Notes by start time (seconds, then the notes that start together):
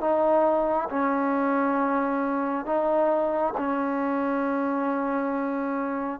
0.00 D#4
0.89 C#4
2.65 D#4
3.57 C#4